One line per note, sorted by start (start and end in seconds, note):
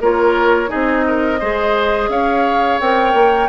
0.00 0.70 A#3
0.00 0.67 F4
0.00 0.69 A#4
0.00 0.70 C#5
0.67 1.37 D#4
0.67 1.04 G#4
0.67 2.10 D#5
0.74 1.42 C4
1.08 1.39 A#4
1.39 2.08 G#3
1.39 2.81 G#4
1.39 2.09 C5
2.08 2.78 C#4
2.08 3.49 C#5
2.08 2.79 F5
2.80 3.14 C4
2.80 3.49 A#4
2.80 3.49 G5
3.14 3.48 A#3